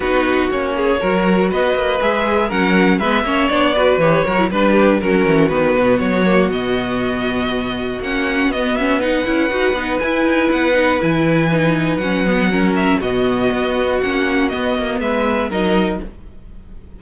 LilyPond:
<<
  \new Staff \with { instrumentName = "violin" } { \time 4/4 \tempo 4 = 120 b'4 cis''2 dis''4 | e''4 fis''4 e''4 d''4 | cis''4 b'4 ais'4 b'4 | cis''4 dis''2. |
fis''4 dis''8 e''8 fis''2 | gis''4 fis''4 gis''2 | fis''4. e''8 dis''2 | fis''4 dis''4 e''4 dis''4 | }
  \new Staff \with { instrumentName = "violin" } { \time 4/4 fis'4. gis'8 ais'4 b'4~ | b'4 ais'4 b'8 cis''4 b'8~ | b'8 ais'8 b'8 g'8 fis'2~ | fis'1~ |
fis'2 b'2~ | b'1~ | b'4 ais'4 fis'2~ | fis'2 b'4 ais'4 | }
  \new Staff \with { instrumentName = "viola" } { \time 4/4 dis'4 cis'4 fis'2 | gis'4 cis'4 b8 cis'8 d'8 fis'8 | g'8 fis'16 e'16 d'4 cis'4 b4~ | b8 ais8 b2. |
cis'4 b8 cis'8 dis'8 e'8 fis'8 dis'8 | e'4. dis'8 e'4 dis'4 | cis'8 b8 cis'4 b2 | cis'4 b2 dis'4 | }
  \new Staff \with { instrumentName = "cello" } { \time 4/4 b4 ais4 fis4 b8 ais8 | gis4 fis4 gis8 ais8 b4 | e8 fis8 g4 fis8 e8 dis8 b,8 | fis4 b,2. |
ais4 b4. cis'8 dis'8 b8 | e'8 dis'8 b4 e2 | fis2 b,4 b4 | ais4 b8 ais8 gis4 fis4 | }
>>